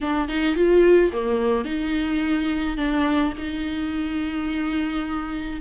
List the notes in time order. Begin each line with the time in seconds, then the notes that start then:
0.00 D4
0.28 D#4
0.55 F4
1.12 A#3
1.64 D#4
2.77 D4
3.38 D#4